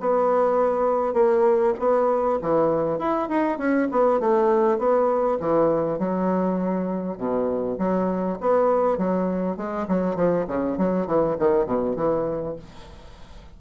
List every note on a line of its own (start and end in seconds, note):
0.00 1.14 B3
1.14 1.74 A#3
1.79 2.39 B3
2.41 2.99 E3
2.99 3.29 E4
3.29 3.58 D#4
3.58 3.88 C#4
3.91 4.20 B3
4.20 4.78 A3
4.78 5.38 B3
5.40 5.99 E3
5.99 7.18 F#3
7.18 7.78 B2
7.78 8.38 F#3
8.41 8.98 B3
8.98 9.57 F#3
9.57 9.87 G#3
9.88 10.15 F#3
10.15 10.45 F3
10.48 10.78 C#3
10.78 11.07 F#3
11.07 11.37 E3
11.39 11.66 D#3
11.66 11.96 B2
11.96 12.56 E3